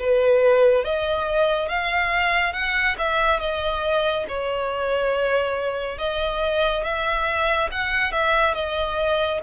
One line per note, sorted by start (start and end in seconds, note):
0.00 0.85 B4
0.85 1.69 D#5
1.69 2.53 F5
2.53 2.96 F#5
2.98 3.40 E5
3.40 4.26 D#5
4.29 5.98 C#5
5.98 6.84 D#5
6.84 7.70 E5
7.72 8.12 F#5
8.12 8.55 E5
8.55 9.41 D#5